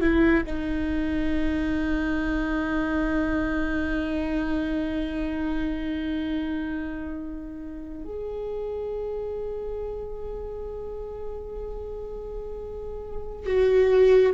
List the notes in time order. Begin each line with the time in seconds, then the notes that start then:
0.00 E4
0.45 D#4
8.04 G#4
13.46 F#4